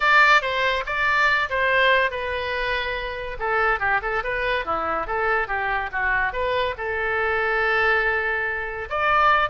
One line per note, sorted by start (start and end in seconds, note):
0.00 0.41 D5
0.41 0.84 C5
0.86 1.49 D5
1.49 2.10 C5
2.10 3.37 B4
3.39 3.79 A4
3.79 4.00 G4
4.01 4.23 A4
4.23 4.65 B4
4.65 5.06 E4
5.06 5.47 A4
5.47 5.90 G4
5.92 6.32 F#4
6.32 6.75 B4
6.77 8.88 A4
8.89 9.49 D5